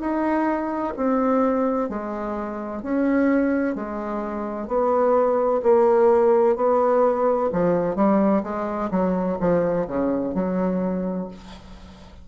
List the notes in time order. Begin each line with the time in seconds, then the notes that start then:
0.00 D#4
0.96 C4
1.89 G#3
2.83 C#4
3.75 G#3
4.67 B3
5.63 A#3
6.56 B3
7.52 F3
7.96 G3
8.43 G#3
8.91 F#3
9.40 F3
9.87 C#3
10.34 F#3